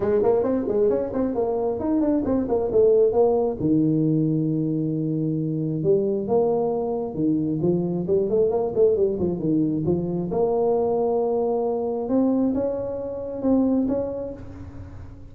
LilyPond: \new Staff \with { instrumentName = "tuba" } { \time 4/4 \tempo 4 = 134 gis8 ais8 c'8 gis8 cis'8 c'8 ais4 | dis'8 d'8 c'8 ais8 a4 ais4 | dis1~ | dis4 g4 ais2 |
dis4 f4 g8 a8 ais8 a8 | g8 f8 dis4 f4 ais4~ | ais2. c'4 | cis'2 c'4 cis'4 | }